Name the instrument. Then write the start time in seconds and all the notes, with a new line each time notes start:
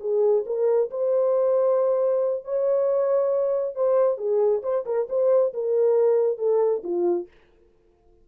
horn
0.00 G#4
0.46 A#4
0.90 C5
2.44 C#5
3.75 C5
4.18 G#4
4.62 C5
4.85 A#4
5.09 C5
5.53 A#4
6.38 A4
6.83 F4